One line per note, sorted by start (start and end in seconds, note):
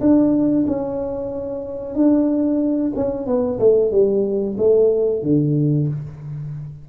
0.00 0.65 D4
0.67 1.94 C#4
1.94 2.92 D4
2.95 3.26 C#4
3.26 3.59 B3
3.59 3.91 A3
3.91 4.56 G3
4.57 5.22 A3
5.22 5.87 D3